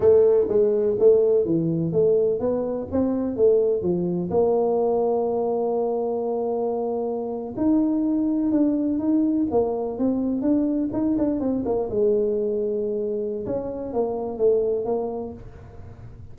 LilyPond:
\new Staff \with { instrumentName = "tuba" } { \time 4/4 \tempo 4 = 125 a4 gis4 a4 e4 | a4 b4 c'4 a4 | f4 ais2.~ | ais2.~ ais8. dis'16~ |
dis'4.~ dis'16 d'4 dis'4 ais16~ | ais8. c'4 d'4 dis'8 d'8 c'16~ | c'16 ais8 gis2.~ gis16 | cis'4 ais4 a4 ais4 | }